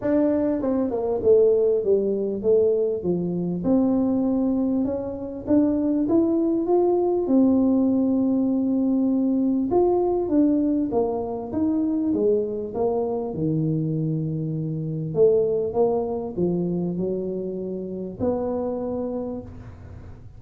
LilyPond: \new Staff \with { instrumentName = "tuba" } { \time 4/4 \tempo 4 = 99 d'4 c'8 ais8 a4 g4 | a4 f4 c'2 | cis'4 d'4 e'4 f'4 | c'1 |
f'4 d'4 ais4 dis'4 | gis4 ais4 dis2~ | dis4 a4 ais4 f4 | fis2 b2 | }